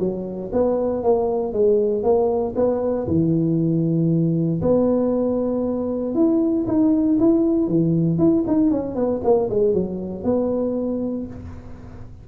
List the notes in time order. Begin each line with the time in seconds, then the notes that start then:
0.00 F#3
0.53 B3
1.04 A#3
1.53 G#3
2.04 A#3
2.56 B3
3.08 E3
4.62 B3
6.15 E4
6.68 D#4
7.20 E4
7.68 E3
8.19 E4
8.48 D#4
8.71 C#4
8.96 B3
9.25 A#3
9.51 G#3
9.74 F#3
10.24 B3